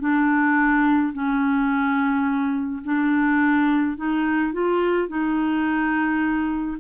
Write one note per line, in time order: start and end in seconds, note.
0.00 1.13 D4
1.13 2.83 C#4
2.84 3.97 D4
3.97 4.53 D#4
4.53 5.08 F4
5.08 6.78 D#4